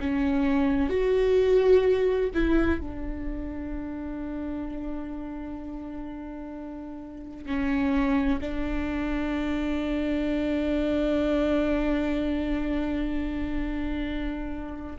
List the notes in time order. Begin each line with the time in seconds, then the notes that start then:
0.00 C#4
0.90 F#4
2.34 E4
2.81 D4
7.46 C#4
8.41 D4